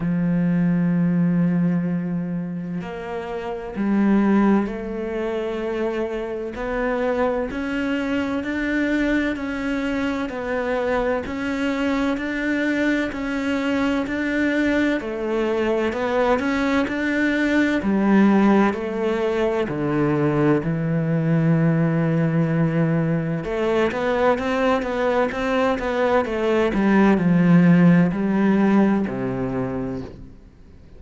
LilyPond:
\new Staff \with { instrumentName = "cello" } { \time 4/4 \tempo 4 = 64 f2. ais4 | g4 a2 b4 | cis'4 d'4 cis'4 b4 | cis'4 d'4 cis'4 d'4 |
a4 b8 cis'8 d'4 g4 | a4 d4 e2~ | e4 a8 b8 c'8 b8 c'8 b8 | a8 g8 f4 g4 c4 | }